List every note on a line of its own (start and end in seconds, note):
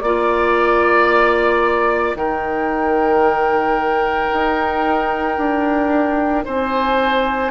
0.00 2.15 A#3
0.00 2.16 F4
0.00 2.14 D5
0.00 2.18 D5
2.15 4.29 D#3
2.15 7.51 D#4
2.15 6.45 A#4
2.15 6.45 G5
4.33 5.38 D#4
5.38 6.45 D4
6.45 7.51 C4
6.45 7.51 C5
6.45 7.51 G#5